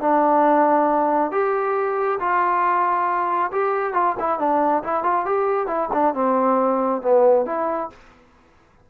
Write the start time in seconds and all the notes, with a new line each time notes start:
0.00 D4
1.31 G4
2.19 F4
3.52 G4
3.93 F4
4.19 E4
4.39 D4
4.83 E4
5.03 F4
5.25 G4
5.67 E4
5.93 D4
6.14 C4
7.02 B3
7.46 E4